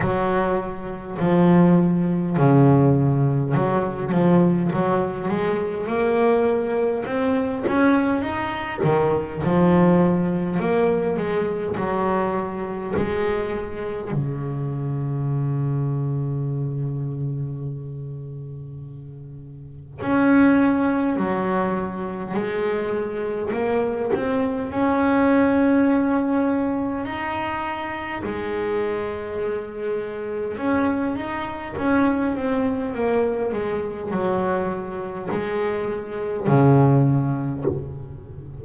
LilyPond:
\new Staff \with { instrumentName = "double bass" } { \time 4/4 \tempo 4 = 51 fis4 f4 cis4 fis8 f8 | fis8 gis8 ais4 c'8 cis'8 dis'8 dis8 | f4 ais8 gis8 fis4 gis4 | cis1~ |
cis4 cis'4 fis4 gis4 | ais8 c'8 cis'2 dis'4 | gis2 cis'8 dis'8 cis'8 c'8 | ais8 gis8 fis4 gis4 cis4 | }